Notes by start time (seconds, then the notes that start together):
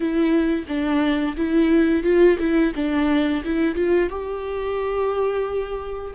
0.00 E4
0.68 D4
1.36 E4
2.03 F4
2.39 E4
2.75 D4
3.44 E4
3.75 F4
4.09 G4